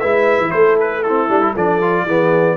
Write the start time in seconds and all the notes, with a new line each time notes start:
0.00 G#3 E4 B4 E5
0.40 E3
0.51 A3 A4 C5
0.80 B4
1.03 C4 E4 A4
1.29 G3 D4
1.42 E4
1.54 F3 D4 A4 D5
1.82 F4
2.05 E3 B3 G#4